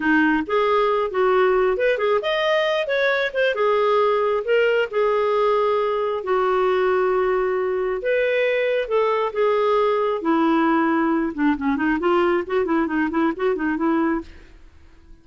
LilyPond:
\new Staff \with { instrumentName = "clarinet" } { \time 4/4 \tempo 4 = 135 dis'4 gis'4. fis'4. | b'8 gis'8 dis''4. cis''4 c''8 | gis'2 ais'4 gis'4~ | gis'2 fis'2~ |
fis'2 b'2 | a'4 gis'2 e'4~ | e'4. d'8 cis'8 dis'8 f'4 | fis'8 e'8 dis'8 e'8 fis'8 dis'8 e'4 | }